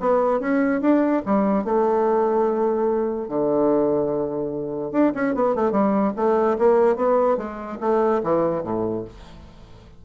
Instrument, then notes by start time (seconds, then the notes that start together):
bassoon
0.00 B3
0.40 C#4
0.81 D4
1.26 G3
1.65 A3
3.28 D3
4.92 D4
5.14 C#4
5.35 B3
5.55 A3
5.72 G3
6.16 A3
6.58 A#3
6.96 B3
7.37 G#3
7.80 A3
8.23 E3
8.63 A2